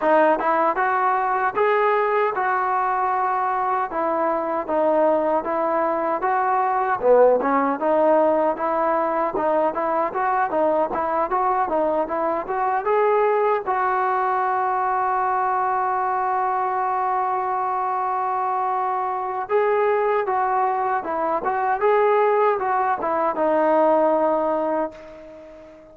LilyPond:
\new Staff \with { instrumentName = "trombone" } { \time 4/4 \tempo 4 = 77 dis'8 e'8 fis'4 gis'4 fis'4~ | fis'4 e'4 dis'4 e'4 | fis'4 b8 cis'8 dis'4 e'4 | dis'8 e'8 fis'8 dis'8 e'8 fis'8 dis'8 e'8 |
fis'8 gis'4 fis'2~ fis'8~ | fis'1~ | fis'4 gis'4 fis'4 e'8 fis'8 | gis'4 fis'8 e'8 dis'2 | }